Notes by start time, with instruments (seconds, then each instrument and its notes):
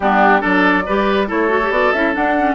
0.00 bassoon G3, clarinet B3, oboe D4, flute G4
0.40 bassoon F#3, clarinet D4, oboe A4, flute D5
0.86 bassoon G3, clarinet G4, oboe B4
1.27 bassoon A3, clarinet E4, oboe A4, flute C#5
1.48 clarinet F#4
1.62 clarinet G4
1.70 bassoon B3, clarinet F#4, flute D5
1.92 bassoon C#4, clarinet E4, flute E5
2.13 clarinet D4, bassoon D4, flute F#5
2.38 clarinet C#4